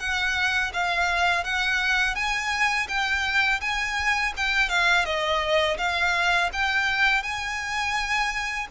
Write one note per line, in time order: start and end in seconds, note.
0.00 0.72 F#5
0.74 1.44 F5
1.44 2.15 F#5
2.15 2.88 G#5
2.88 3.61 G5
3.61 4.33 G#5
4.37 4.70 G5
4.70 5.05 F5
5.05 5.78 D#5
5.78 6.50 F5
6.53 7.23 G5
7.23 8.67 G#5